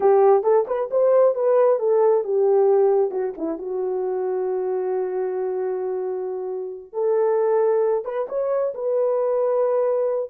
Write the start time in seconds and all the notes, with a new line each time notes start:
0.00 G4
0.43 A4
0.67 B4
0.90 C5
1.34 B4
1.79 A4
2.24 G4
3.10 F#4
3.37 E4
3.58 F#4
6.92 A4
8.05 B4
8.28 C#5
8.74 B4